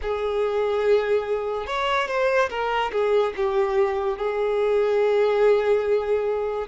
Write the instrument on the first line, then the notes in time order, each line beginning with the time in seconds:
violin
0.02 G#4
1.66 C#5
2.07 C5
2.49 A#4
2.92 G#4
3.36 G4
4.17 G#4